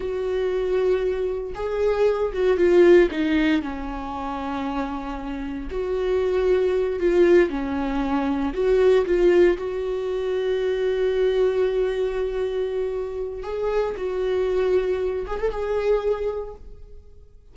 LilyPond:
\new Staff \with { instrumentName = "viola" } { \time 4/4 \tempo 4 = 116 fis'2. gis'4~ | gis'8 fis'8 f'4 dis'4 cis'4~ | cis'2. fis'4~ | fis'4. f'4 cis'4.~ |
cis'8 fis'4 f'4 fis'4.~ | fis'1~ | fis'2 gis'4 fis'4~ | fis'4. gis'16 a'16 gis'2 | }